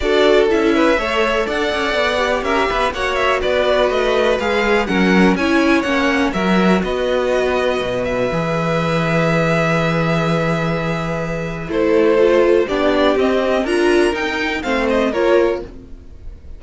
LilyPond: <<
  \new Staff \with { instrumentName = "violin" } { \time 4/4 \tempo 4 = 123 d''4 e''2 fis''4~ | fis''4 e''4 fis''8 e''8 d''4 | dis''4 f''4 fis''4 gis''4 | fis''4 e''4 dis''2~ |
dis''8 e''2.~ e''8~ | e''1 | c''2 d''4 dis''4 | ais''4 g''4 f''8 dis''8 cis''4 | }
  \new Staff \with { instrumentName = "violin" } { \time 4/4 a'4. b'8 cis''4 d''4~ | d''4 ais'8 b'8 cis''4 b'4~ | b'2 ais'4 cis''4~ | cis''4 ais'4 b'2~ |
b'1~ | b'1 | a'2 g'2 | ais'2 c''4 ais'4 | }
  \new Staff \with { instrumentName = "viola" } { \time 4/4 fis'4 e'4 a'2~ | a'8 g'4. fis'2~ | fis'4 gis'4 cis'4 e'4 | cis'4 fis'2.~ |
fis'4 gis'2.~ | gis'1 | e'4 f'4 d'4 c'4 | f'4 dis'4 c'4 f'4 | }
  \new Staff \with { instrumentName = "cello" } { \time 4/4 d'4 cis'4 a4 d'8 cis'8 | b4 cis'8 b8 ais4 b4 | a4 gis4 fis4 cis'4 | ais4 fis4 b2 |
b,4 e2.~ | e1 | a2 b4 c'4 | d'4 dis'4 a4 ais4 | }
>>